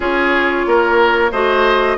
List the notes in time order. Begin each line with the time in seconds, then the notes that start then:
0.00 C#4 F4 G#4 C#5
0.66 A#3 A#4
1.31 A3 F#4 C5 D#5